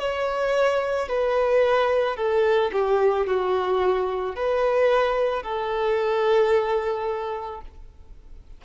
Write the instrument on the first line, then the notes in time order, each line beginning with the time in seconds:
violin
0.00 C#5
1.09 B4
2.17 A4
2.73 G4
3.27 F#4
4.36 B4
5.43 A4